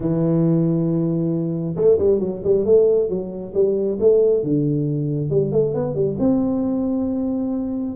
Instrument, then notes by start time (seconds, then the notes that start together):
tuba
0.00 E3
1.75 A3
1.98 G3
2.19 F#3
2.44 G3
2.65 A3
3.09 F#3
3.54 G3
4.00 A3
4.43 D3
5.30 G3
5.52 A3
5.74 B3
5.94 G3
6.19 C4